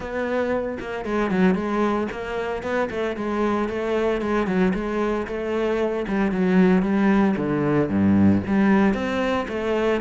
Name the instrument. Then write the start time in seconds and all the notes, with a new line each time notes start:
cello
0.00 B3
0.79 A#3
1.05 G#3
1.30 F#3
1.54 G#3
2.11 A#3
2.62 B3
2.90 A3
3.16 G#3
3.68 A3
4.21 G#3
4.46 F#3
4.74 G#3
5.27 A3
6.07 G3
6.31 F#3
6.82 G3
7.37 D3
7.89 G2
8.46 G3
8.94 C4
9.48 A3